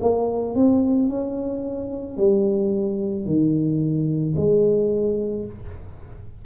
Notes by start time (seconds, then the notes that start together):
0.00 A#3
0.55 C4
1.09 C#4
2.17 G3
3.25 D#3
4.36 G#3